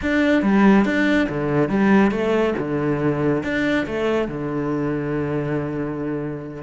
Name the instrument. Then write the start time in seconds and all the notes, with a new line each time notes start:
cello
0.02 D4
0.42 G3
0.85 D4
1.29 D3
1.69 G3
2.11 A3
2.58 D3
3.43 D4
3.86 A3
4.27 D3